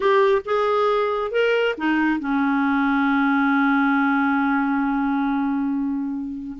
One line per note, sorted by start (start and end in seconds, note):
0.00 0.42 G4
0.45 1.31 G#4
1.31 1.75 A#4
1.77 2.19 D#4
2.19 6.57 C#4